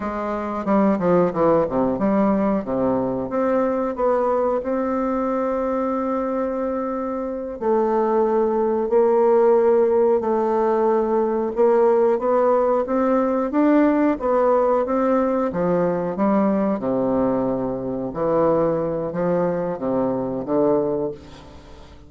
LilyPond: \new Staff \with { instrumentName = "bassoon" } { \time 4/4 \tempo 4 = 91 gis4 g8 f8 e8 c8 g4 | c4 c'4 b4 c'4~ | c'2.~ c'8 a8~ | a4. ais2 a8~ |
a4. ais4 b4 c'8~ | c'8 d'4 b4 c'4 f8~ | f8 g4 c2 e8~ | e4 f4 c4 d4 | }